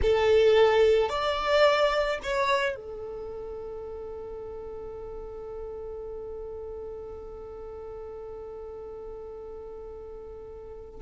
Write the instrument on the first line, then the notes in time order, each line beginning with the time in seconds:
violin
0.02 A4
1.09 D5
2.22 C#5
2.75 A4